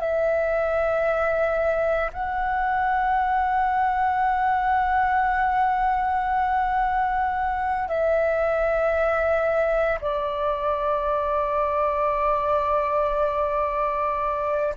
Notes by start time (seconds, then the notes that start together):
0.00 E5
2.13 F#5
7.88 E5
10.01 D5